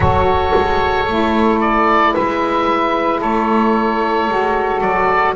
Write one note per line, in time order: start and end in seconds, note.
0.00 0.52 F#3
0.00 1.05 F#4
0.00 2.13 A4
0.00 1.59 C#5
0.55 1.07 G#3
1.07 2.14 A3
1.07 4.28 E4
1.60 2.14 D5
2.13 3.21 G#3
2.13 3.19 B4
2.13 3.21 E5
3.19 4.28 A3
3.19 5.33 A4
3.19 4.81 C#5
4.28 4.81 G#3
4.28 5.35 F#4
4.81 5.34 F#3
4.81 5.34 D5